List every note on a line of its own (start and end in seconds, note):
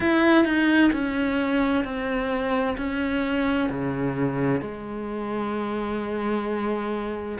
0.00 0.44 E4
0.44 0.91 D#4
0.92 1.84 C#4
1.84 2.76 C4
2.77 3.69 C#4
3.69 4.61 C#3
4.61 7.38 G#3